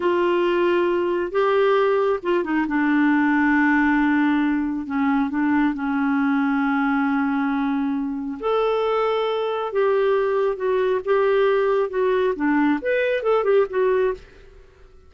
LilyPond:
\new Staff \with { instrumentName = "clarinet" } { \time 4/4 \tempo 4 = 136 f'2. g'4~ | g'4 f'8 dis'8 d'2~ | d'2. cis'4 | d'4 cis'2.~ |
cis'2. a'4~ | a'2 g'2 | fis'4 g'2 fis'4 | d'4 b'4 a'8 g'8 fis'4 | }